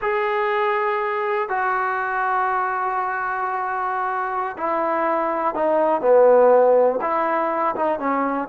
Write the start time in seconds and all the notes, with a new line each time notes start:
0.01 G#4
1.49 F#4
4.57 E4
5.54 D#4
6.01 B3
7.01 E4
7.75 D#4
7.99 C#4